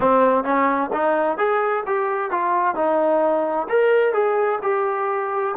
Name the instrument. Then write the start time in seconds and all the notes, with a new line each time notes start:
trombone
0.00 C4
0.44 C#4
0.92 D#4
1.37 G#4
1.86 G4
2.30 F4
2.75 D#4
3.69 A#4
4.13 G#4
4.62 G4